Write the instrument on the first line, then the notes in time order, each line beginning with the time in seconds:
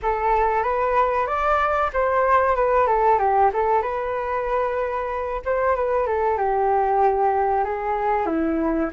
flute
0.02 A4
0.63 B4
1.26 D5
1.93 C5
2.55 B4
2.86 A4
3.18 G4
3.53 A4
3.82 B4
5.45 C5
5.75 B4
6.06 A4
6.37 G4
7.64 G#4
8.26 E4